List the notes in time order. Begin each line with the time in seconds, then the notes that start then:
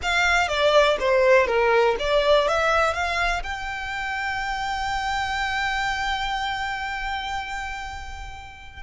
0.02 F5
0.48 D5
0.99 C5
1.46 A#4
1.99 D5
2.47 E5
2.93 F5
3.43 G5